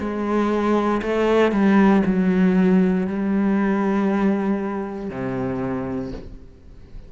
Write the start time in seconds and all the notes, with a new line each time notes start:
0.00 G#3
1.03 A3
1.52 G3
2.06 F#3
3.07 G3
5.10 C3